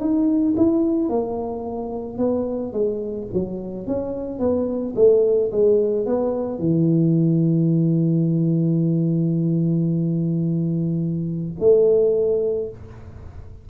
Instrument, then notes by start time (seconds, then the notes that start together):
tuba
0.00 D#4
0.57 E4
1.09 A#3
2.18 B3
2.73 G#3
3.33 F#3
3.87 C#4
4.40 B3
4.96 A3
5.52 G#3
6.06 B3
6.59 E3
11.60 A3